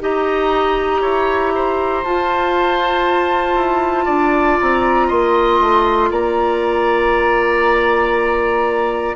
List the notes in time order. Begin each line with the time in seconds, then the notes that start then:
0.00 D#4 G4 D#5 A#5
1.01 E4 C#5
1.55 C5
2.04 F4 A5
3.55 E4
4.05 D4 D5
4.60 C4 A#5
5.07 A#3 D#5 C6
5.60 A3
6.10 A#3 D5 A#5